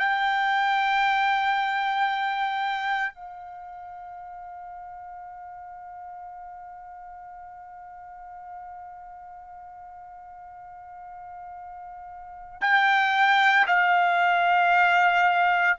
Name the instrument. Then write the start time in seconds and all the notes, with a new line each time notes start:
trumpet
0.00 G5
3.14 F5
12.61 G5
13.67 F5